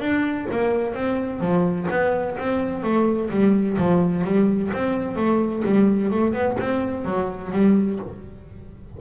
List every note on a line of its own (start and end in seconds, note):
0.00 0.47 D4
0.51 0.94 A#3
0.94 1.40 C4
1.40 1.87 F3
1.90 2.37 B3
2.38 2.83 C4
2.83 3.30 A3
3.30 3.77 G3
3.78 4.24 F3
4.24 4.71 G3
4.74 5.16 C4
5.16 5.63 A3
5.65 6.11 G3
6.11 6.33 A3
6.33 6.57 B3
6.59 7.05 C4
7.05 7.51 F#3
7.52 7.99 G3